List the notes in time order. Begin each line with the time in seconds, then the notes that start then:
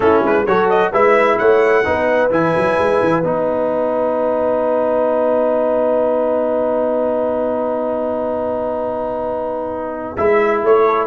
0.00 A3 C#4 E4 A4
0.22 G#3 B4
0.46 F#3 F#4 A4 C#5
0.69 D#5
0.92 G#3 E4 B4 E5
1.38 A3 C#5 F#5
1.84 B3 D#4 B4
2.30 E3 E4 G#5
2.56 F#3
2.78 G#3
3.03 E3
3.23 B3 D#4 F#5
10.16 G#3 E4 E5
10.62 A3 C#5
10.86 A4